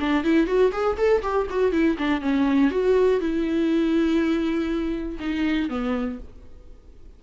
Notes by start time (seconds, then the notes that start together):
0.00 D4
0.24 E4
0.46 F#4
0.72 G#4
0.97 A4
1.22 G4
1.50 F#4
1.72 E4
1.98 D4
2.21 C#4
2.70 F#4
3.20 E4
5.19 D#4
5.69 B3